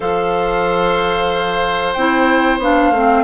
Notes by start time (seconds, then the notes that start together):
0.00 F3 A4 C5 F5
1.93 C4 E4 G5
2.58 B3 D4 F5
2.90 A3 C4